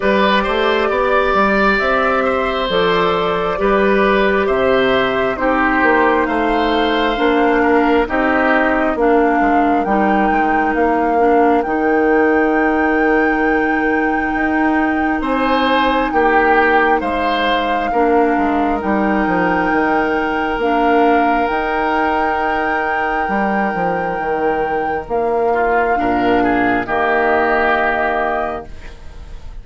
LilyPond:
<<
  \new Staff \with { instrumentName = "flute" } { \time 4/4 \tempo 4 = 67 d''2 e''4 d''4~ | d''4 e''4 c''4 f''4~ | f''4 dis''4 f''4 g''4 | f''4 g''2.~ |
g''4 gis''4 g''4 f''4~ | f''4 g''2 f''4 | g''1 | f''2 dis''2 | }
  \new Staff \with { instrumentName = "oboe" } { \time 4/4 b'8 c''8 d''4. c''4. | b'4 c''4 g'4 c''4~ | c''8 ais'8 g'4 ais'2~ | ais'1~ |
ais'4 c''4 g'4 c''4 | ais'1~ | ais'1~ | ais'8 f'8 ais'8 gis'8 g'2 | }
  \new Staff \with { instrumentName = "clarinet" } { \time 4/4 g'2. a'4 | g'2 dis'2 | d'4 dis'4 d'4 dis'4~ | dis'8 d'8 dis'2.~ |
dis'1 | d'4 dis'2 d'4 | dis'1~ | dis'4 d'4 ais2 | }
  \new Staff \with { instrumentName = "bassoon" } { \time 4/4 g8 a8 b8 g8 c'4 f4 | g4 c4 c'8 ais8 a4 | ais4 c'4 ais8 gis8 g8 gis8 | ais4 dis2. |
dis'4 c'4 ais4 gis4 | ais8 gis8 g8 f8 dis4 ais4 | dis'2 g8 f8 dis4 | ais4 ais,4 dis2 | }
>>